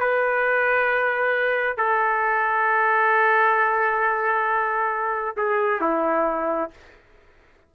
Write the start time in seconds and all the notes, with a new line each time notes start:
0.00 B4
1.77 A4
5.37 G#4
5.81 E4